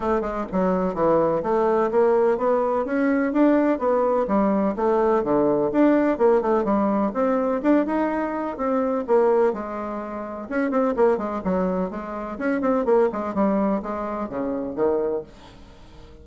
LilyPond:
\new Staff \with { instrumentName = "bassoon" } { \time 4/4 \tempo 4 = 126 a8 gis8 fis4 e4 a4 | ais4 b4 cis'4 d'4 | b4 g4 a4 d4 | d'4 ais8 a8 g4 c'4 |
d'8 dis'4. c'4 ais4 | gis2 cis'8 c'8 ais8 gis8 | fis4 gis4 cis'8 c'8 ais8 gis8 | g4 gis4 cis4 dis4 | }